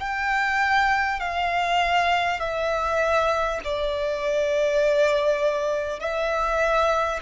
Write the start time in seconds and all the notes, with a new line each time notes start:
0.00 G5
1.20 F5
2.40 E5
3.64 D5
6.00 E5